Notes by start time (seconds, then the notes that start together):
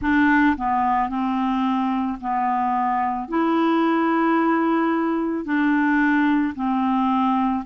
0.01 D4
0.57 B3
1.09 C4
2.21 B3
3.28 E4
5.44 D4
6.55 C4